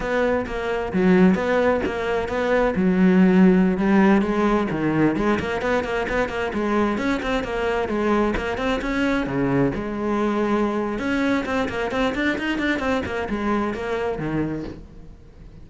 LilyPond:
\new Staff \with { instrumentName = "cello" } { \time 4/4 \tempo 4 = 131 b4 ais4 fis4 b4 | ais4 b4 fis2~ | fis16 g4 gis4 dis4 gis8 ais16~ | ais16 b8 ais8 b8 ais8 gis4 cis'8 c'16~ |
c'16 ais4 gis4 ais8 c'8 cis'8.~ | cis'16 cis4 gis2~ gis8. | cis'4 c'8 ais8 c'8 d'8 dis'8 d'8 | c'8 ais8 gis4 ais4 dis4 | }